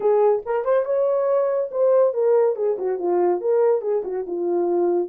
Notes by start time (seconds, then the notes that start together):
0.00 G#4
0.45 A#4
0.64 C5
0.85 C#5
1.71 C5
2.13 A#4
2.55 G#4
2.78 F#4
2.98 F4
3.40 A#4
3.81 G#4
4.04 F#4
4.26 F4